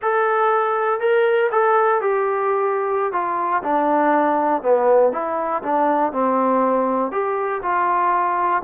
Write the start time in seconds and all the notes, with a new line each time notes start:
0.02 A4
1.00 A#4
1.51 A4
2.01 G4
3.12 F4
3.62 D4
4.62 B3
5.12 E4
5.62 D4
6.12 C4
7.11 G4
7.62 F4